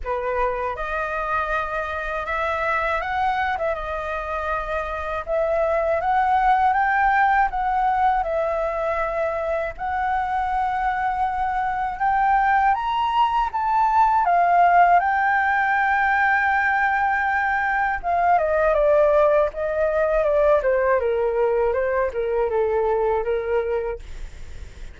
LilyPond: \new Staff \with { instrumentName = "flute" } { \time 4/4 \tempo 4 = 80 b'4 dis''2 e''4 | fis''8. e''16 dis''2 e''4 | fis''4 g''4 fis''4 e''4~ | e''4 fis''2. |
g''4 ais''4 a''4 f''4 | g''1 | f''8 dis''8 d''4 dis''4 d''8 c''8 | ais'4 c''8 ais'8 a'4 ais'4 | }